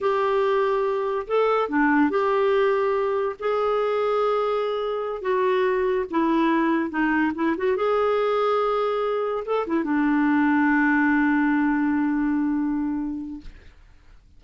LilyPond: \new Staff \with { instrumentName = "clarinet" } { \time 4/4 \tempo 4 = 143 g'2. a'4 | d'4 g'2. | gis'1~ | gis'8 fis'2 e'4.~ |
e'8 dis'4 e'8 fis'8 gis'4.~ | gis'2~ gis'8 a'8 e'8 d'8~ | d'1~ | d'1 | }